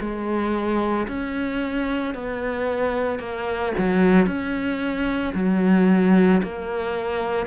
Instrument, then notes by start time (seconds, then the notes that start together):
cello
0.00 G#3
1.07 C#4
2.14 B3
3.19 A#3
3.77 F#3
4.26 C#4
5.34 F#3
6.42 A#3